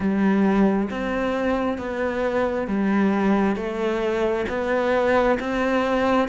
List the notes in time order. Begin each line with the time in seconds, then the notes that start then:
0.00 G3
0.90 C4
1.77 B3
2.67 G3
3.55 A3
4.49 B3
5.39 C4